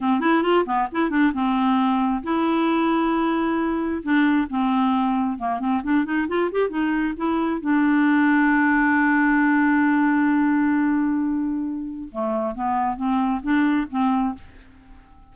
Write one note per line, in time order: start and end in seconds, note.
0.00 0.20 C4
0.20 0.42 E4
0.43 0.65 F4
0.65 0.88 B3
0.91 1.09 E4
1.09 1.32 D4
1.33 2.23 C4
2.23 4.02 E4
4.02 4.47 D4
4.49 5.38 C4
5.38 5.59 A#3
5.59 5.82 C4
5.83 6.04 D4
6.04 6.27 D#4
6.28 6.50 F4
6.51 6.69 G4
6.69 7.14 D#4
7.16 7.61 E4
7.61 12.08 D4
12.11 12.54 A3
12.54 12.96 B3
12.96 13.41 C4
13.42 13.87 D4
13.90 14.34 C4